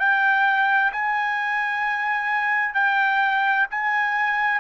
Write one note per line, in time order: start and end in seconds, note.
0.00 0.92 G5
0.93 2.74 G#5
2.74 3.67 G5
3.71 4.61 G#5